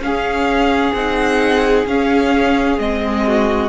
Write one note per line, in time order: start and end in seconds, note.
0.00 0.92 C#4
0.00 0.96 C#4
0.00 3.27 G#4
0.00 0.94 F5
0.93 1.86 C4
0.93 1.88 D#4
0.93 1.86 F#5
1.87 2.78 C#4
1.87 2.79 C#4
1.87 2.79 F5
2.78 3.69 G#3
2.78 3.69 C4
2.78 3.69 D#5
3.27 3.69 F#4